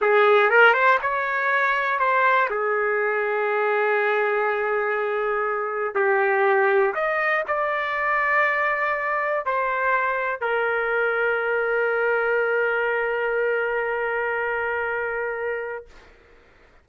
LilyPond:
\new Staff \with { instrumentName = "trumpet" } { \time 4/4 \tempo 4 = 121 gis'4 ais'8 c''8 cis''2 | c''4 gis'2.~ | gis'1 | g'2 dis''4 d''4~ |
d''2. c''4~ | c''4 ais'2.~ | ais'1~ | ais'1 | }